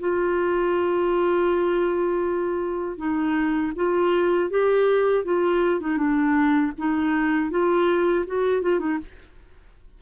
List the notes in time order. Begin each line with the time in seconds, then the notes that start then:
0.00 F4
2.98 D#4
3.76 F4
4.50 G4
5.25 F4
5.81 D#4
5.97 D4
6.78 D#4
7.51 F4
8.27 F#4
8.62 F4
8.80 D#4